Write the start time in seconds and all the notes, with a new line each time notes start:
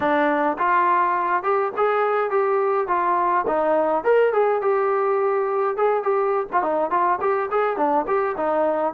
0.00 D4
0.58 F4
1.43 G4
1.76 G#4
2.30 G4
2.87 F4
3.47 D#4
4.04 A#4
4.32 G#4
4.61 G4
5.77 G#4
6.03 G4
6.52 F4
6.62 D#4
6.90 F4
7.20 G4
7.50 G#4
7.76 D4
8.07 G4
8.37 D#4